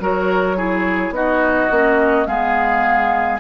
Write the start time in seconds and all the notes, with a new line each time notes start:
0.00 F#3 F#4 A#4 C#5
0.57 E4 G#4
1.10 B3 D#4 F#4 D#5
1.71 A#3 C#4
2.26 G#3 B3 G#4 F5